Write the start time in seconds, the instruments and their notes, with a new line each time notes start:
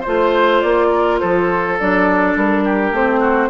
0.00 clarinet F4, oboe C5, flute C5
0.06 bassoon A3
0.61 bassoon A#3, flute D5
0.91 oboe A#4
1.20 bassoon F3, oboe A4, flute C5
1.79 bassoon F#3, clarinet D4, flute D5
2.35 bassoon G3, flute A#4
2.64 oboe G4
2.91 bassoon A3, clarinet C4, flute C5
3.20 oboe F#4